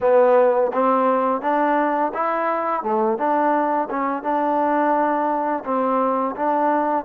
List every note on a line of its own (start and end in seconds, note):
0.01 0.71 B3
0.72 1.41 C4
1.41 2.11 D4
2.14 2.82 E4
2.82 3.18 A3
3.18 3.88 D4
3.90 4.22 C#4
4.22 5.63 D4
5.64 6.35 C4
6.36 7.05 D4